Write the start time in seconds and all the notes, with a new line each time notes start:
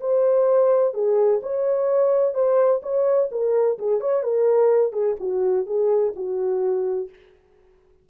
0.00 C5
0.94 G#4
1.43 C#5
2.34 C5
2.82 C#5
3.31 A#4
3.78 G#4
4.01 C#5
4.23 A#4
4.92 G#4
5.20 F#4
5.66 G#4
6.16 F#4